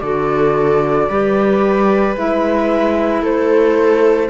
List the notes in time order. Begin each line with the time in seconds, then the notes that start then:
0.00 D3 F#4 A4 D5
1.09 G3 G4 B4
2.16 G#3 E4 E5
3.22 A3 A4 C5